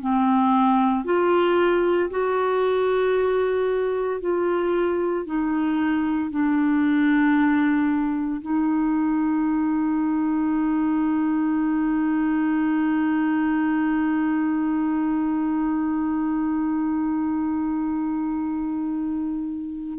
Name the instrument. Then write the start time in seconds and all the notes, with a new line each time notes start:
clarinet
0.00 C4
1.04 F4
2.10 F#4
4.21 F4
5.26 D#4
6.31 D4
8.42 D#4